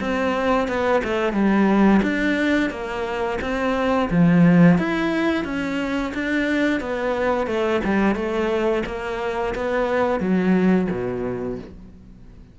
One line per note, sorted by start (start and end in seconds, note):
0.00 0.68 C4
0.68 1.02 B3
1.04 1.33 A3
1.33 2.01 G3
2.03 2.71 D4
2.71 3.39 A#3
3.42 4.10 C4
4.10 4.79 F3
4.79 5.45 E4
5.45 6.13 C#4
6.15 6.81 D4
6.81 7.47 B3
7.47 7.81 A3
7.84 8.15 G3
8.15 8.84 A3
8.86 9.55 A#3
9.55 10.20 B3
10.20 10.88 F#3
10.91 11.59 B2